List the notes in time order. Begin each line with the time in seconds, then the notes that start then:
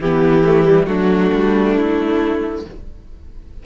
0.00 E3 B3 E4 G4
0.44 A3
0.65 G3
0.87 F#3 A3 D4 F#4
1.34 G3
1.77 A3 E4